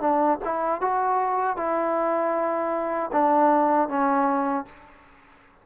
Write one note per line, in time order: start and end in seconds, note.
0.00 0.38 D4
0.45 0.81 E4
0.81 1.57 F#4
1.57 3.11 E4
3.13 3.89 D4
3.89 4.66 C#4